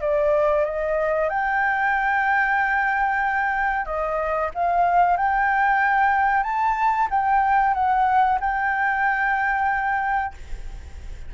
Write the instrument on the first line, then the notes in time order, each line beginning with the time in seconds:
flute
0.00 D5
0.64 D#5
1.29 G5
3.85 D#5
4.54 F5
5.16 G5
6.43 A5
7.10 G5
7.74 F#5
8.40 G5